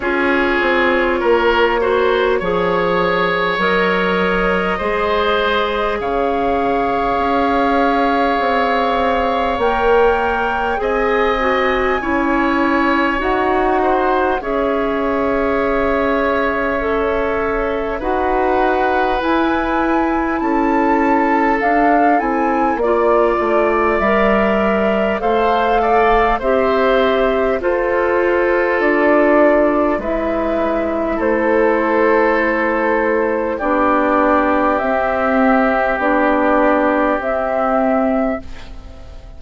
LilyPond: <<
  \new Staff \with { instrumentName = "flute" } { \time 4/4 \tempo 4 = 50 cis''2. dis''4~ | dis''4 f''2. | g''4 gis''2 fis''4 | e''2. fis''4 |
gis''4 a''4 f''8 gis''8 d''4 | e''4 f''4 e''4 c''4 | d''4 e''4 c''2 | d''4 e''4 d''4 e''4 | }
  \new Staff \with { instrumentName = "oboe" } { \time 4/4 gis'4 ais'8 c''8 cis''2 | c''4 cis''2.~ | cis''4 dis''4 cis''4. c''8 | cis''2. b'4~ |
b'4 a'2 d''4~ | d''4 c''8 d''8 c''4 a'4~ | a'4 b'4 a'2 | g'1 | }
  \new Staff \with { instrumentName = "clarinet" } { \time 4/4 f'4. fis'8 gis'4 ais'4 | gis'1 | ais'4 gis'8 fis'8 e'4 fis'4 | gis'2 a'4 fis'4 |
e'2 d'8 e'8 f'4 | ais'4 a'4 g'4 f'4~ | f'4 e'2. | d'4 c'4 d'4 c'4 | }
  \new Staff \with { instrumentName = "bassoon" } { \time 4/4 cis'8 c'8 ais4 f4 fis4 | gis4 cis4 cis'4 c'4 | ais4 c'4 cis'4 dis'4 | cis'2. dis'4 |
e'4 cis'4 d'8 c'8 ais8 a8 | g4 a4 c'4 f'4 | d'4 gis4 a2 | b4 c'4 b4 c'4 | }
>>